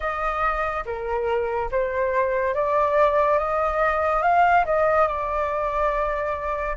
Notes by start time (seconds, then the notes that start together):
0.00 D#5
0.85 A#4
1.71 C5
2.54 D5
3.38 D#5
4.22 F5
4.65 D#5
5.07 D5